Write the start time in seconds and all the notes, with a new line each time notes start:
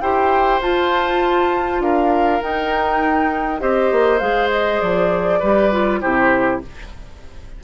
0.00 E4 G4 C5 G5
0.60 F4 A5
1.80 D4 A#4 F5
2.41 D#4 G5
3.59 C4 G4 C5 D#5
3.91 A#3
4.18 G#3 G#4 F5
4.50 D#5
4.80 F3 D5
5.39 G3 G4 B4
5.72 F4
6.00 C3 E4 G4 C5